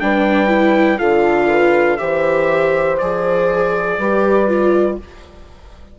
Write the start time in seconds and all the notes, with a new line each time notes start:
0.00 G3 D4 B4 G5
0.48 E4
0.98 D3 F4 A4 F5
1.49 B4
1.97 E3 G4 C5 E5
2.98 F3 G#4 D5
3.99 G3 G4 B4
4.48 F4